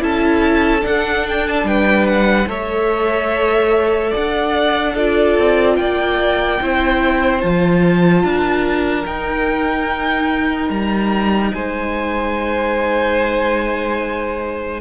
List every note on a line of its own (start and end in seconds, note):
0.00 0.83 C#4
0.00 0.81 E4
0.00 1.67 A4
0.00 0.85 A5
0.81 2.46 D4
0.81 1.64 D4
0.81 1.28 F#5
1.29 1.47 G5
1.47 1.67 A5
1.64 2.46 G3
1.64 2.49 B4
1.64 2.07 G5
2.07 2.48 F#5
2.47 4.11 A3
2.47 4.95 A4
2.47 4.11 C#5
2.47 4.14 E5
4.11 5.38 D4
4.11 4.93 D5
4.11 4.96 F#5
4.94 6.61 F4
4.94 5.76 A4
4.94 5.77 D5
5.38 5.78 C4
5.77 6.60 A#3
5.77 6.62 D5
5.77 7.41 G5
6.61 7.43 C4
6.61 7.42 E4
6.61 8.25 C5
7.41 8.24 F3
7.41 9.05 F4
7.41 9.05 A5
8.24 9.06 D4
8.24 11.54 A#4
9.05 14.80 D#4
9.05 10.70 D#4
9.05 10.70 G5
10.70 11.52 G3
10.70 11.52 A#5
11.53 14.81 G#3
11.53 14.81 C5
11.53 14.81 G#5